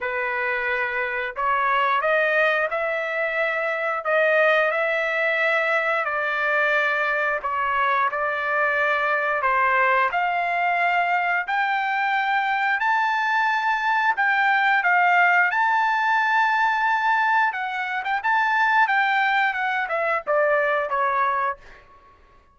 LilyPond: \new Staff \with { instrumentName = "trumpet" } { \time 4/4 \tempo 4 = 89 b'2 cis''4 dis''4 | e''2 dis''4 e''4~ | e''4 d''2 cis''4 | d''2 c''4 f''4~ |
f''4 g''2 a''4~ | a''4 g''4 f''4 a''4~ | a''2 fis''8. g''16 a''4 | g''4 fis''8 e''8 d''4 cis''4 | }